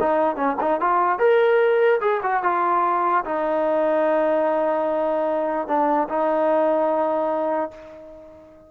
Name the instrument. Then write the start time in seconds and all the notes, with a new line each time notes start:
trombone
0.00 D#4
0.36 C#4
0.60 D#4
0.80 F4
1.19 A#4
2.00 G#4
2.23 F#4
2.43 F4
3.25 D#4
5.67 D4
6.08 D#4